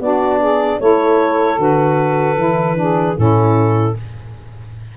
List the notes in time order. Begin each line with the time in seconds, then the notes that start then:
0.00 B3 D4 F#4 D5
0.40 G#4
0.80 A3 E4 A4 C#5
1.56 D3 F#4 B4
2.37 E3 E4
2.76 D4 G#4
3.16 A2 C#4 E4 A4